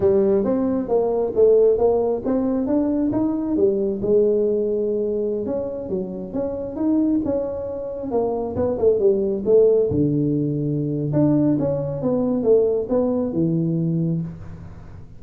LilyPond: \new Staff \with { instrumentName = "tuba" } { \time 4/4 \tempo 4 = 135 g4 c'4 ais4 a4 | ais4 c'4 d'4 dis'4 | g4 gis2.~ | gis16 cis'4 fis4 cis'4 dis'8.~ |
dis'16 cis'2 ais4 b8 a16~ | a16 g4 a4 d4.~ d16~ | d4 d'4 cis'4 b4 | a4 b4 e2 | }